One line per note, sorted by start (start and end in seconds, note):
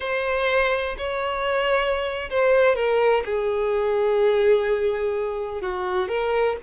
0.00 0.96 C5
0.97 2.29 C#5
2.30 2.75 C5
2.75 3.23 A#4
3.25 5.61 G#4
5.61 6.08 F#4
6.08 6.56 A#4